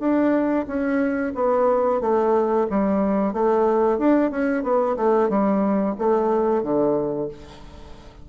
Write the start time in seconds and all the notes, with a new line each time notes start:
0.00 D4
0.67 C#4
1.35 B3
2.01 A3
2.70 G3
3.34 A3
3.99 D4
4.31 C#4
4.63 B3
4.97 A3
5.29 G3
5.99 A3
6.63 D3